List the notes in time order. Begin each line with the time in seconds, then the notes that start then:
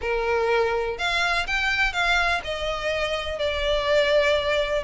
0.01 A#4
0.97 F5
1.46 G5
1.92 F5
2.44 D#5
3.38 D5